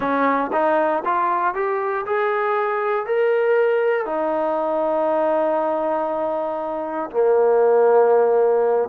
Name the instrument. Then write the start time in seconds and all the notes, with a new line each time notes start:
trombone
0.00 C#4
0.52 D#4
1.04 F4
1.54 G4
2.06 G#4
3.06 A#4
4.05 D#4
7.10 A#3